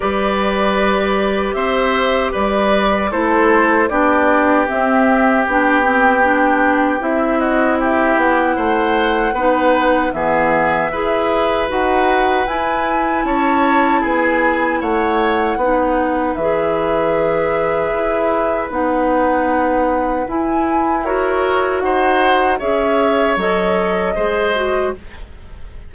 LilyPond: <<
  \new Staff \with { instrumentName = "flute" } { \time 4/4 \tempo 4 = 77 d''2 e''4 d''4 | c''4 d''4 e''4 g''4~ | g''4 e''8 dis''8 e''8 fis''4.~ | fis''4 e''2 fis''4 |
gis''4 a''4 gis''4 fis''4~ | fis''4 e''2. | fis''2 gis''4 cis''4 | fis''4 e''4 dis''2 | }
  \new Staff \with { instrumentName = "oboe" } { \time 4/4 b'2 c''4 b'4 | a'4 g'2.~ | g'4. fis'8 g'4 c''4 | b'4 gis'4 b'2~ |
b'4 cis''4 gis'4 cis''4 | b'1~ | b'2. ais'4 | c''4 cis''2 c''4 | }
  \new Staff \with { instrumentName = "clarinet" } { \time 4/4 g'1 | e'4 d'4 c'4 d'8 c'8 | d'4 e'2. | dis'4 b4 gis'4 fis'4 |
e'1 | dis'4 gis'2. | dis'2 e'4 fis'4~ | fis'4 gis'4 a'4 gis'8 fis'8 | }
  \new Staff \with { instrumentName = "bassoon" } { \time 4/4 g2 c'4 g4 | a4 b4 c'4 b4~ | b4 c'4. b8 a4 | b4 e4 e'4 dis'4 |
e'4 cis'4 b4 a4 | b4 e2 e'4 | b2 e'2 | dis'4 cis'4 fis4 gis4 | }
>>